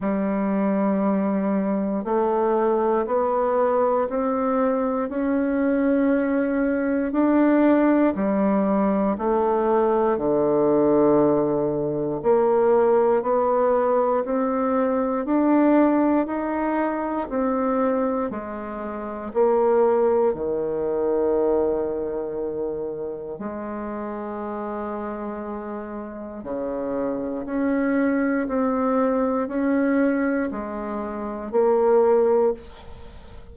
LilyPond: \new Staff \with { instrumentName = "bassoon" } { \time 4/4 \tempo 4 = 59 g2 a4 b4 | c'4 cis'2 d'4 | g4 a4 d2 | ais4 b4 c'4 d'4 |
dis'4 c'4 gis4 ais4 | dis2. gis4~ | gis2 cis4 cis'4 | c'4 cis'4 gis4 ais4 | }